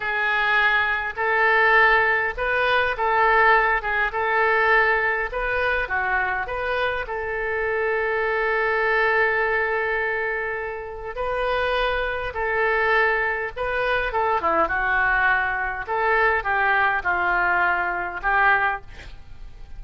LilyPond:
\new Staff \with { instrumentName = "oboe" } { \time 4/4 \tempo 4 = 102 gis'2 a'2 | b'4 a'4. gis'8 a'4~ | a'4 b'4 fis'4 b'4 | a'1~ |
a'2. b'4~ | b'4 a'2 b'4 | a'8 e'8 fis'2 a'4 | g'4 f'2 g'4 | }